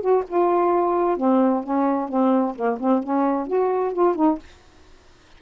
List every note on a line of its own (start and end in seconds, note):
0.00 0.23 F#4
0.27 1.17 F4
1.17 1.63 C4
1.63 2.08 C#4
2.08 2.54 C4
2.55 2.78 A#3
2.79 3.03 C4
3.03 3.46 C#4
3.46 3.93 F#4
3.93 4.15 F4
4.15 4.38 D#4